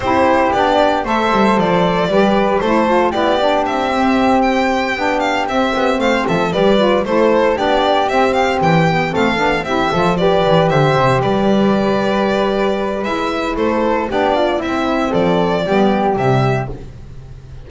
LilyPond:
<<
  \new Staff \with { instrumentName = "violin" } { \time 4/4 \tempo 4 = 115 c''4 d''4 e''4 d''4~ | d''4 c''4 d''4 e''4~ | e''8 g''4. f''8 e''4 f''8 | e''8 d''4 c''4 d''4 e''8 |
f''8 g''4 f''4 e''4 d''8~ | d''8 e''4 d''2~ d''8~ | d''4 e''4 c''4 d''4 | e''4 d''2 e''4 | }
  \new Staff \with { instrumentName = "flute" } { \time 4/4 g'2 c''2 | b'4 a'4 g'2~ | g'2.~ g'8 c''8 | a'8 b'4 a'4 g'4.~ |
g'4. a'4 g'8 a'8 b'8~ | b'8 c''4 b'2~ b'8~ | b'2 a'4 g'8 f'8 | e'4 a'4 g'2 | }
  \new Staff \with { instrumentName = "saxophone" } { \time 4/4 e'4 d'4 a'2 | g'4 e'8 f'8 e'8 d'4 c'8~ | c'4. d'4 c'4.~ | c'8 g'8 f'8 e'4 d'4 c'8~ |
c'4 b8 c'8 d'8 e'8 f'8 g'8~ | g'1~ | g'4 e'2 d'4 | c'2 b4 g4 | }
  \new Staff \with { instrumentName = "double bass" } { \time 4/4 c'4 b4 a8 g8 f4 | g4 a4 b4 c'4~ | c'4. b4 c'8 b8 a8 | f8 g4 a4 b4 c'8~ |
c'8 e4 a8 b8 c'8 f4 | e8 d8 c8 g2~ g8~ | g4 gis4 a4 b4 | c'4 f4 g4 c4 | }
>>